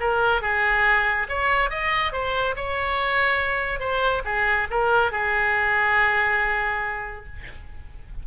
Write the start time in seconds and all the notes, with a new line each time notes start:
0.00 A#4
0.42 G#4
1.29 C#5
1.70 D#5
2.13 C5
2.56 C#5
3.80 C5
4.25 G#4
4.70 A#4
5.12 G#4